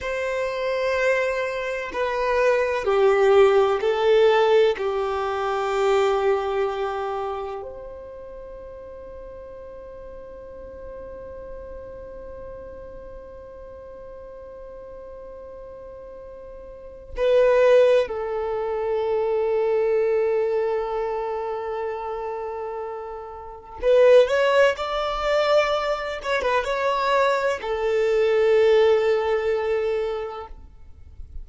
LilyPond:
\new Staff \with { instrumentName = "violin" } { \time 4/4 \tempo 4 = 63 c''2 b'4 g'4 | a'4 g'2. | c''1~ | c''1~ |
c''2 b'4 a'4~ | a'1~ | a'4 b'8 cis''8 d''4. cis''16 b'16 | cis''4 a'2. | }